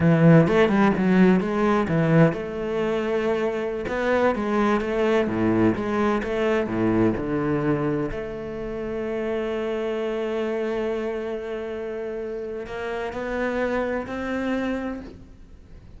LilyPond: \new Staff \with { instrumentName = "cello" } { \time 4/4 \tempo 4 = 128 e4 a8 g8 fis4 gis4 | e4 a2.~ | a16 b4 gis4 a4 a,8.~ | a,16 gis4 a4 a,4 d8.~ |
d4~ d16 a2~ a8.~ | a1~ | a2. ais4 | b2 c'2 | }